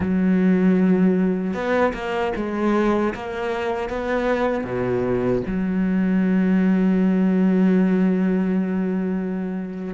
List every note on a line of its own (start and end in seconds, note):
0.00 1.54 F#3
1.54 1.93 B3
1.93 2.32 A#3
2.36 3.13 G#3
3.14 3.89 A#3
3.89 4.64 B3
4.64 5.42 B2
5.46 9.94 F#3